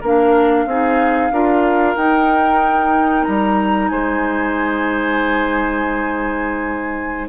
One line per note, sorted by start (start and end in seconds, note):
0.00 0.66 A#3
0.00 0.68 D4
0.00 0.65 A#4
0.00 1.97 F5
0.66 1.30 C4
0.66 1.32 D#4
0.66 1.33 G#4
1.31 1.95 D4
1.31 1.96 F4
1.31 3.91 A#4
1.96 3.25 D#4
1.96 7.28 D#4
1.96 3.24 G5
3.24 3.91 G3
3.24 3.88 A#5
3.88 7.28 G#3
3.88 7.28 C5
3.88 7.27 G#5